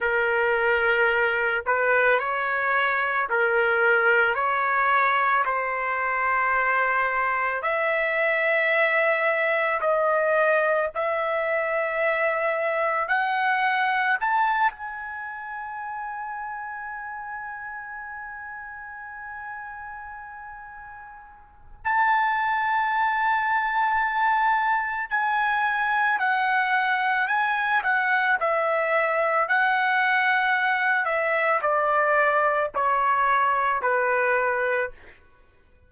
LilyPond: \new Staff \with { instrumentName = "trumpet" } { \time 4/4 \tempo 4 = 55 ais'4. b'8 cis''4 ais'4 | cis''4 c''2 e''4~ | e''4 dis''4 e''2 | fis''4 a''8 gis''2~ gis''8~ |
gis''1 | a''2. gis''4 | fis''4 gis''8 fis''8 e''4 fis''4~ | fis''8 e''8 d''4 cis''4 b'4 | }